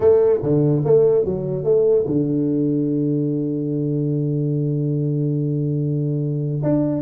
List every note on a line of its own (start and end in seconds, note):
0.00 0.40 A3
0.42 0.83 D3
0.85 1.25 A3
1.25 1.63 F#3
1.63 2.05 A3
2.06 6.62 D3
6.62 7.02 D4